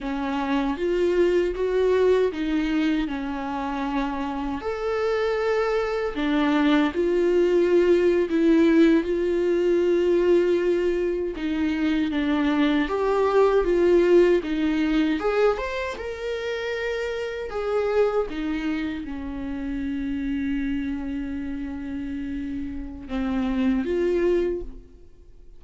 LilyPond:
\new Staff \with { instrumentName = "viola" } { \time 4/4 \tempo 4 = 78 cis'4 f'4 fis'4 dis'4 | cis'2 a'2 | d'4 f'4.~ f'16 e'4 f'16~ | f'2~ f'8. dis'4 d'16~ |
d'8. g'4 f'4 dis'4 gis'16~ | gis'16 c''8 ais'2 gis'4 dis'16~ | dis'8. cis'2.~ cis'16~ | cis'2 c'4 f'4 | }